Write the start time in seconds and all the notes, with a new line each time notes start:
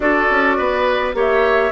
0.00 D4 F#4 A4 D5
0.30 C#4
0.57 B3 B4
1.13 A#3 G4 C#5 E5